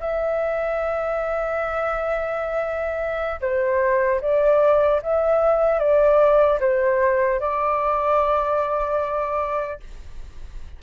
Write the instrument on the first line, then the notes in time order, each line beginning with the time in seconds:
flute
0.00 E5
3.40 C5
4.21 D5
5.02 E5
5.79 D5
6.60 C5
7.40 D5